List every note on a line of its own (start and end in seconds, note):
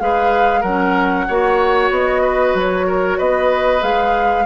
0.00 0.64 G#3
0.00 0.64 G#4
0.00 0.61 B4
0.00 0.63 F5
0.61 1.28 F#3
0.61 1.25 A#4
0.61 1.90 F#5
0.67 1.29 C#4
1.28 1.91 A#3
1.28 3.81 F#4
1.28 2.23 C#5
1.91 2.55 B3
1.91 2.58 D#5
2.23 2.87 B4
2.55 3.19 F#3
2.55 3.20 C#5
2.88 3.18 A#4
3.18 3.83 B3
3.18 4.46 B4
3.18 3.83 D#5
3.81 4.46 G#3
3.81 4.45 G#4
3.81 4.46 F5